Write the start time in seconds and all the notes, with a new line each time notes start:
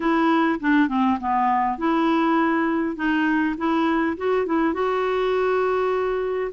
0.00 E4
0.59 D4
0.88 C4
1.19 B3
1.77 E4
2.96 D#4
3.57 E4
4.17 F#4
4.46 E4
4.73 F#4